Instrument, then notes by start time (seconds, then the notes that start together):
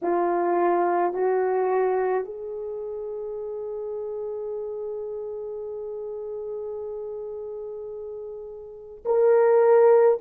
horn
0.02 F4
1.13 F#4
2.24 G#4
9.05 A#4